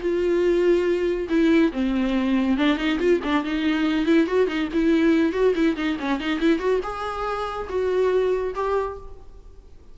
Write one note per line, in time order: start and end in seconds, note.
0.00 1.28 F4
1.29 1.71 E4
1.72 2.57 C4
2.57 2.77 D4
2.77 2.98 D#4
2.98 3.20 F4
3.23 3.44 D4
3.44 4.05 D#4
4.05 4.27 E4
4.27 4.47 F#4
4.47 4.68 D#4
4.73 5.32 E4
5.32 5.54 F#4
5.55 5.76 E4
5.76 5.97 D#4
5.99 6.19 C#4
6.19 6.39 D#4
6.39 6.59 E4
6.59 6.80 F#4
6.83 7.68 G#4
7.69 8.54 F#4
8.54 8.97 G4